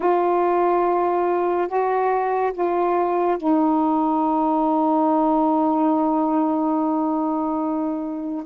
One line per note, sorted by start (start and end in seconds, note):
0.00 1.67 F4
1.67 2.52 F#4
2.53 3.37 F4
3.37 8.44 D#4